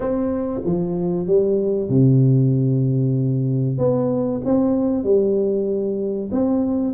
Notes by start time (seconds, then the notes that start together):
0.00 C4
0.65 F3
1.26 G3
1.89 C3
3.78 B3
4.44 C4
5.03 G3
6.31 C4